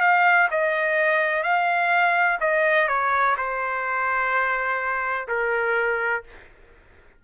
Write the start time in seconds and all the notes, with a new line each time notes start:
0.00 F5
0.50 D#5
1.43 F5
2.40 D#5
2.88 C#5
3.37 C5
5.28 A#4